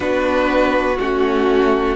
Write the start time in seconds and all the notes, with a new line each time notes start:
0.00 B3 D4 F#4 B4
0.98 A3 C#4 F#4